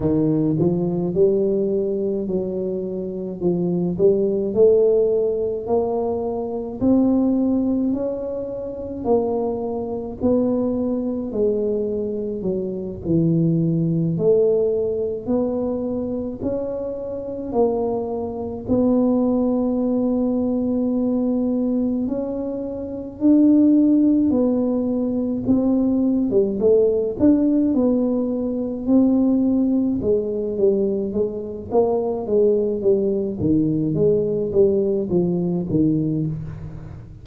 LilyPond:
\new Staff \with { instrumentName = "tuba" } { \time 4/4 \tempo 4 = 53 dis8 f8 g4 fis4 f8 g8 | a4 ais4 c'4 cis'4 | ais4 b4 gis4 fis8 e8~ | e8 a4 b4 cis'4 ais8~ |
ais8 b2. cis'8~ | cis'8 d'4 b4 c'8. g16 a8 | d'8 b4 c'4 gis8 g8 gis8 | ais8 gis8 g8 dis8 gis8 g8 f8 dis8 | }